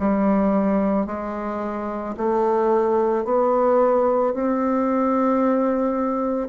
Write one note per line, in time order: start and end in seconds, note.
0.00 1.07 G3
1.07 2.16 G#3
2.18 3.25 A3
3.25 4.34 B3
4.34 6.49 C4